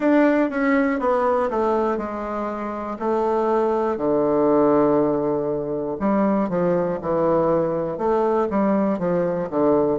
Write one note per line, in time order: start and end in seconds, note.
0.00 0.50 D4
0.50 0.99 C#4
0.99 1.49 B3
1.50 1.97 A3
1.97 2.97 G#3
2.99 3.97 A3
3.97 5.97 D3
5.99 6.49 G3
6.49 6.99 F3
7.01 7.98 E3
7.98 8.48 A3
8.50 8.99 G3
8.99 9.49 F3
9.50 9.99 D3